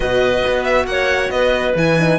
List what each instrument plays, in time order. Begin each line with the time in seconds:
0.00 cello B2, horn F#4, clarinet B4, violin D#5
0.47 cello B3
0.64 violin E5
0.85 cello A#3, clarinet C#5, violin F#5
1.29 cello B3, clarinet B4, violin D#5
1.74 cello E3, horn E4, violin G#5
1.99 horn D#4